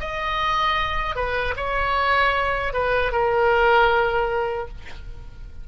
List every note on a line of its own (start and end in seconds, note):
0.00 1.15 D#5
1.15 1.54 B4
1.57 2.73 C#5
2.73 3.12 B4
3.12 4.68 A#4